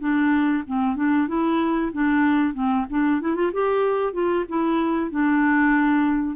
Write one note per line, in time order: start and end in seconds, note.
0.00 0.64 D4
0.67 0.96 C4
0.96 1.28 D4
1.28 1.92 E4
1.93 2.54 D4
2.54 2.86 C4
2.90 3.21 D4
3.21 3.36 E4
3.36 3.52 F4
3.53 4.13 G4
4.13 4.45 F4
4.49 5.11 E4
5.11 6.37 D4